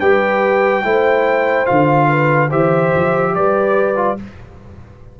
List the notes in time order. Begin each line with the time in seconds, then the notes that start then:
0.00 G3 G4 B4 G5
0.84 A3 E4 C5
1.66 D3 F4 F5
2.09 B4
2.49 E3 G4 C5 E5
2.95 F3
3.35 G3 B4 D5
3.96 F4